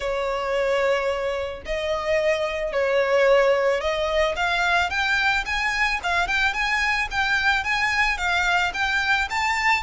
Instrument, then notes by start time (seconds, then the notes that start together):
violin
0.00 C#5
1.65 D#5
2.72 C#5
3.80 D#5
4.36 F5
4.90 G5
5.45 G#5
6.03 F5
6.27 G5
6.53 G#5
7.10 G5
7.64 G#5
8.17 F5
8.73 G5
9.30 A5